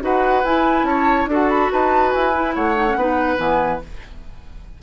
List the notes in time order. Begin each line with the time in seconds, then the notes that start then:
0.00 D#4 F#4 B4 F#5
0.44 E4 G#5
0.82 C#4 C#5 A5
1.26 D4 F#4 A4
1.33 F#5
1.49 B5
1.72 D#4 B4 A5
2.11 E4 G#5
2.33 E4
2.54 A3 C#5 F#5
2.75 D#4
2.88 C#4
2.95 B3 D#4 B4
3.37 E3 B3 G#5